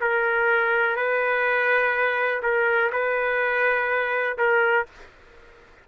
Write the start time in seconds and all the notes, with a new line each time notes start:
0.00 A#4
0.96 B4
2.42 A#4
2.92 B4
4.38 A#4